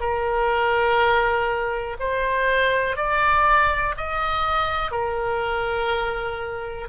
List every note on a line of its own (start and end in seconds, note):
0.00 1.97 A#4
1.99 2.96 C5
2.96 3.95 D5
3.97 4.91 D#5
4.91 6.88 A#4